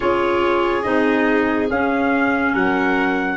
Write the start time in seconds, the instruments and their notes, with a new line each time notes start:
0.00 tuba C#4, clarinet F4, violin G#4, trumpet C#5
0.82 tuba C4, clarinet D#4, trumpet D#5
1.70 tuba C#4, clarinet C#4, trumpet F5
2.52 tuba F#3, violin A#4, trumpet F#5